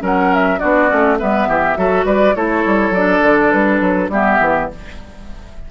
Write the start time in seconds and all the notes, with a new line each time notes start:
0.00 F#3 C#4 A#4 F#5
0.34 E5
0.58 B3 D4 F#4 D5
0.88 A3 C#4
1.18 G3 B3 B4 E5
1.47 E3 G4
1.76 F#3 F#4 A4
2.04 G3 B4 D5
2.35 A3 E4 A4 C#5
2.65 G3
2.90 F#3 D5
2.97 D4
3.22 D3
3.51 G3 B4
3.80 F#3
4.08 G3 B3 G4 E5
4.40 E3